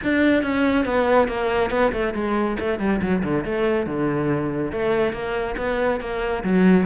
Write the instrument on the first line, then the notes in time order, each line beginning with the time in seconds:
cello
0.03 D4
0.42 C#4
0.85 B3
1.28 A#3
1.70 B3
1.92 A3
2.14 G#3
2.59 A3
2.79 G3
3.01 F#3
3.23 D3
3.44 A3
3.86 D3
4.72 A3
5.13 A#3
5.57 B3
6.00 A#3
6.43 F#3